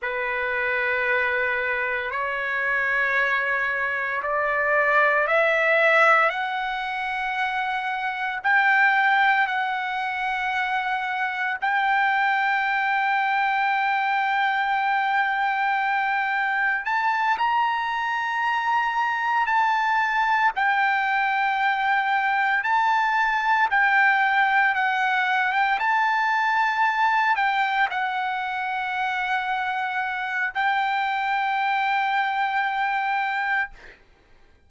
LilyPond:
\new Staff \with { instrumentName = "trumpet" } { \time 4/4 \tempo 4 = 57 b'2 cis''2 | d''4 e''4 fis''2 | g''4 fis''2 g''4~ | g''1 |
a''8 ais''2 a''4 g''8~ | g''4. a''4 g''4 fis''8~ | fis''16 g''16 a''4. g''8 fis''4.~ | fis''4 g''2. | }